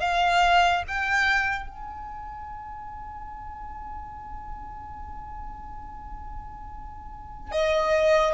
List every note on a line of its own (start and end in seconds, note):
0.00 0.83 F5
0.87 1.69 G5
1.69 7.52 G#5
7.52 8.34 D#5